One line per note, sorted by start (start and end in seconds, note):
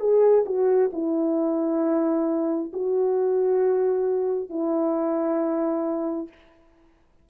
0.00 0.45 G#4
0.46 0.91 F#4
0.93 2.72 E4
2.73 4.49 F#4
4.49 6.28 E4